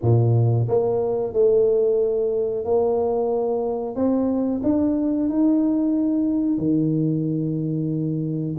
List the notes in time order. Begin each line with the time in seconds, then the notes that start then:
0.02 A#2
0.68 A#3
1.33 A3
2.64 A#3
3.95 C4
4.63 D4
5.29 D#4
6.58 D#3